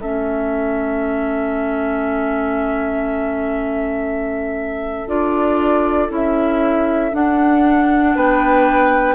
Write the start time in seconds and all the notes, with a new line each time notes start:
0.00 A3 C#4 A4 E5
5.07 D4 F4 D5
6.09 C#4 E4 E5
7.12 D4 F#5
8.15 B3 B4 G5